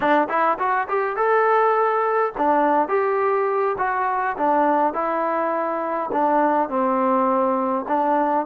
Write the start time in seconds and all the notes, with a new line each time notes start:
0.00 D4
0.29 E4
0.58 F#4
0.88 G4
1.16 A4
2.37 D4
2.88 G4
3.78 F#4
4.37 D4
4.93 E4
6.12 D4
6.69 C4
7.87 D4